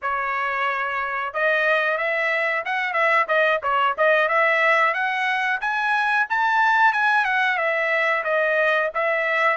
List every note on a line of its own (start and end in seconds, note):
0.02 1.33 C#5
1.33 1.98 D#5
1.98 2.63 E5
2.65 2.93 F#5
2.93 3.26 E5
3.28 3.61 D#5
3.63 3.96 C#5
3.97 4.28 D#5
4.28 4.94 E5
4.94 5.60 F#5
5.60 6.26 G#5
6.29 6.93 A5
6.93 7.25 G#5
7.25 7.57 F#5
7.57 8.23 E5
8.24 8.90 D#5
8.94 9.56 E5